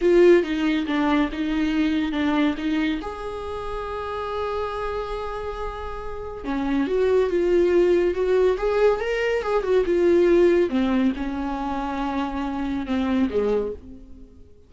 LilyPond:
\new Staff \with { instrumentName = "viola" } { \time 4/4 \tempo 4 = 140 f'4 dis'4 d'4 dis'4~ | dis'4 d'4 dis'4 gis'4~ | gis'1~ | gis'2. cis'4 |
fis'4 f'2 fis'4 | gis'4 ais'4 gis'8 fis'8 f'4~ | f'4 c'4 cis'2~ | cis'2 c'4 gis4 | }